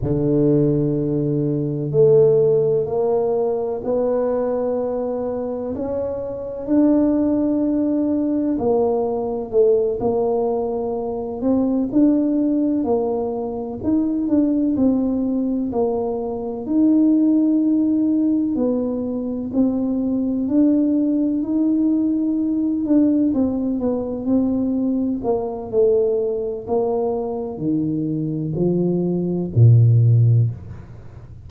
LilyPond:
\new Staff \with { instrumentName = "tuba" } { \time 4/4 \tempo 4 = 63 d2 a4 ais4 | b2 cis'4 d'4~ | d'4 ais4 a8 ais4. | c'8 d'4 ais4 dis'8 d'8 c'8~ |
c'8 ais4 dis'2 b8~ | b8 c'4 d'4 dis'4. | d'8 c'8 b8 c'4 ais8 a4 | ais4 dis4 f4 ais,4 | }